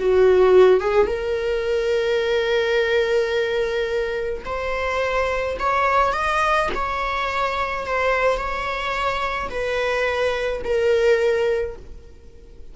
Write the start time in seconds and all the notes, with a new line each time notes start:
0.00 F#4
0.81 G#4
1.07 A#4
4.46 C5
5.60 C#5
6.14 D#5
6.75 C#5
7.86 C5
8.38 C#5
9.50 B4
10.65 A#4